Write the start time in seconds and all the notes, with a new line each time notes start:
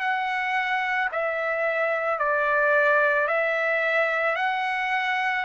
0.00 F#5
1.12 E5
2.19 D5
3.28 E5
4.36 F#5